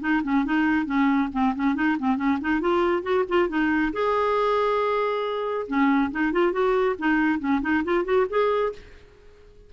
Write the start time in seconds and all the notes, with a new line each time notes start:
0.00 D#4
0.23 C#4
0.45 D#4
0.85 C#4
1.32 C4
1.55 C#4
1.75 D#4
1.99 C4
2.16 C#4
2.41 D#4
2.60 F4
3.02 F#4
3.28 F4
3.48 D#4
3.92 G#4
5.67 C#4
6.11 D#4
6.32 F4
6.52 F#4
6.98 D#4
7.39 C#4
7.61 D#4
7.84 F4
8.04 F#4
8.29 G#4